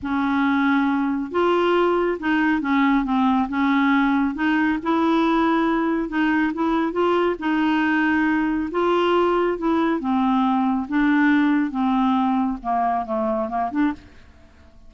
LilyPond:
\new Staff \with { instrumentName = "clarinet" } { \time 4/4 \tempo 4 = 138 cis'2. f'4~ | f'4 dis'4 cis'4 c'4 | cis'2 dis'4 e'4~ | e'2 dis'4 e'4 |
f'4 dis'2. | f'2 e'4 c'4~ | c'4 d'2 c'4~ | c'4 ais4 a4 ais8 d'8 | }